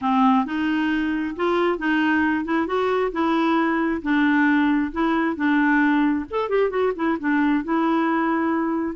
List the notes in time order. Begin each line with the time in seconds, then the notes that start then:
0.01 C4
0.45 D#4
1.36 F4
1.78 D#4
2.44 E4
2.66 F#4
3.12 E4
4.02 D4
4.92 E4
5.35 D4
6.30 A4
6.49 G4
6.70 F#4
6.95 E4
7.19 D4
7.63 E4